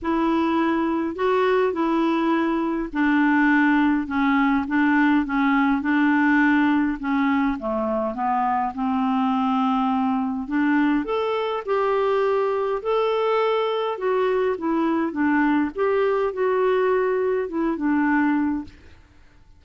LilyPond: \new Staff \with { instrumentName = "clarinet" } { \time 4/4 \tempo 4 = 103 e'2 fis'4 e'4~ | e'4 d'2 cis'4 | d'4 cis'4 d'2 | cis'4 a4 b4 c'4~ |
c'2 d'4 a'4 | g'2 a'2 | fis'4 e'4 d'4 g'4 | fis'2 e'8 d'4. | }